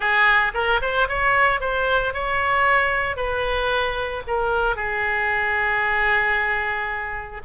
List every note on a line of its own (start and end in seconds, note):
0.00 0.52 G#4
0.54 0.80 A#4
0.81 1.08 C5
1.08 1.60 C#5
1.60 2.13 C5
2.13 3.16 C#5
3.16 4.22 B4
4.27 4.76 A#4
4.76 7.41 G#4